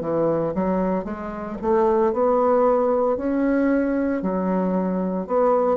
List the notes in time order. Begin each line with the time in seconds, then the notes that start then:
0.00 E3
0.54 F#3
1.04 G#3
1.61 A3
2.12 B3
3.16 C#4
4.22 F#3
5.26 B3